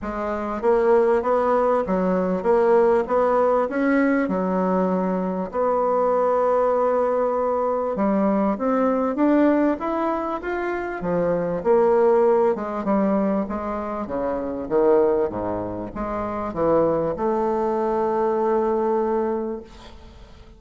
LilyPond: \new Staff \with { instrumentName = "bassoon" } { \time 4/4 \tempo 4 = 98 gis4 ais4 b4 fis4 | ais4 b4 cis'4 fis4~ | fis4 b2.~ | b4 g4 c'4 d'4 |
e'4 f'4 f4 ais4~ | ais8 gis8 g4 gis4 cis4 | dis4 gis,4 gis4 e4 | a1 | }